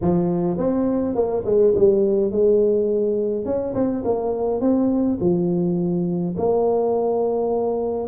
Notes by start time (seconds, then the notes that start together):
0.01 F3
0.57 C4
1.15 A#3
1.45 G#3
1.75 G3
2.31 G#3
3.45 C#4
3.74 C4
4.04 A#3
4.60 C4
5.20 F3
6.37 A#3